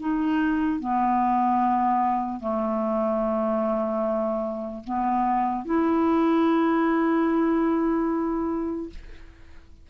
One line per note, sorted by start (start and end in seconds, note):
0.00 0.80 D#4
0.80 2.41 B3
2.41 4.84 A3
4.84 5.65 B3
5.65 8.90 E4